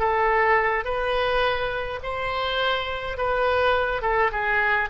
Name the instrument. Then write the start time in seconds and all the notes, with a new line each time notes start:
oboe
0.00 A4
0.85 B4
2.03 C5
3.18 B4
4.02 A4
4.32 G#4